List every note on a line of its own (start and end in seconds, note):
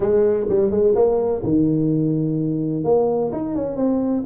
0.00 0.46 G#3
0.49 0.71 G3
0.71 0.94 G#3
0.95 1.42 A#3
1.43 2.83 D#3
2.83 3.31 A#3
3.32 3.55 D#4
3.55 3.76 C#4
3.76 4.23 C4